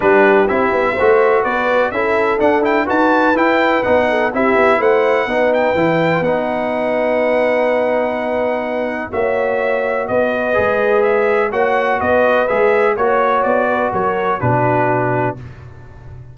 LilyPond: <<
  \new Staff \with { instrumentName = "trumpet" } { \time 4/4 \tempo 4 = 125 b'4 e''2 d''4 | e''4 fis''8 g''8 a''4 g''4 | fis''4 e''4 fis''4. g''8~ | g''4 fis''2.~ |
fis''2. e''4~ | e''4 dis''2 e''4 | fis''4 dis''4 e''4 cis''4 | d''4 cis''4 b'2 | }
  \new Staff \with { instrumentName = "horn" } { \time 4/4 g'2 c''4 b'4 | a'2 b'2~ | b'8 a'8 g'4 c''4 b'4~ | b'1~ |
b'2. cis''4~ | cis''4 b'2. | cis''4 b'2 cis''4~ | cis''8 b'8 ais'4 fis'2 | }
  \new Staff \with { instrumentName = "trombone" } { \time 4/4 d'4 e'4 fis'2 | e'4 d'8 e'8 fis'4 e'4 | dis'4 e'2 dis'4 | e'4 dis'2.~ |
dis'2. fis'4~ | fis'2 gis'2 | fis'2 gis'4 fis'4~ | fis'2 d'2 | }
  \new Staff \with { instrumentName = "tuba" } { \time 4/4 g4 c'8 b8 a4 b4 | cis'4 d'4 dis'4 e'4 | b4 c'8 b8 a4 b4 | e4 b2.~ |
b2. ais4~ | ais4 b4 gis2 | ais4 b4 gis4 ais4 | b4 fis4 b,2 | }
>>